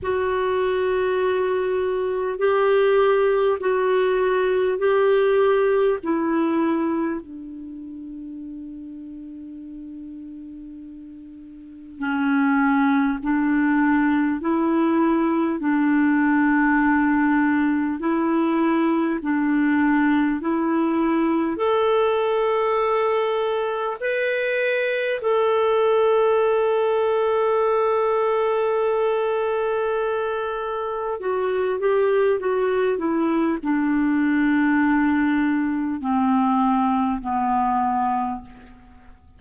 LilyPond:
\new Staff \with { instrumentName = "clarinet" } { \time 4/4 \tempo 4 = 50 fis'2 g'4 fis'4 | g'4 e'4 d'2~ | d'2 cis'4 d'4 | e'4 d'2 e'4 |
d'4 e'4 a'2 | b'4 a'2.~ | a'2 fis'8 g'8 fis'8 e'8 | d'2 c'4 b4 | }